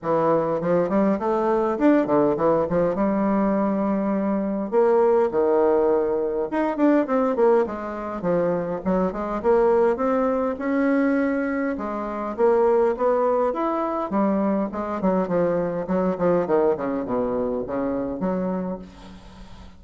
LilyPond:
\new Staff \with { instrumentName = "bassoon" } { \time 4/4 \tempo 4 = 102 e4 f8 g8 a4 d'8 d8 | e8 f8 g2. | ais4 dis2 dis'8 d'8 | c'8 ais8 gis4 f4 fis8 gis8 |
ais4 c'4 cis'2 | gis4 ais4 b4 e'4 | g4 gis8 fis8 f4 fis8 f8 | dis8 cis8 b,4 cis4 fis4 | }